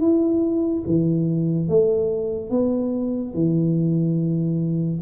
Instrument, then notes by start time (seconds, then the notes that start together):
tuba
0.00 E4
0.86 E3
1.69 A3
2.50 B3
3.34 E3